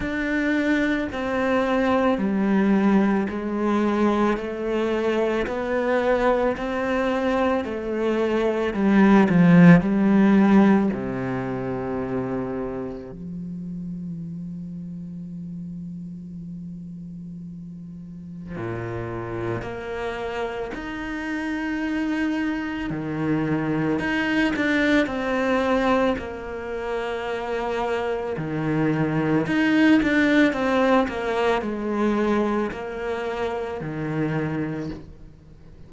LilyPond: \new Staff \with { instrumentName = "cello" } { \time 4/4 \tempo 4 = 55 d'4 c'4 g4 gis4 | a4 b4 c'4 a4 | g8 f8 g4 c2 | f1~ |
f4 ais,4 ais4 dis'4~ | dis'4 dis4 dis'8 d'8 c'4 | ais2 dis4 dis'8 d'8 | c'8 ais8 gis4 ais4 dis4 | }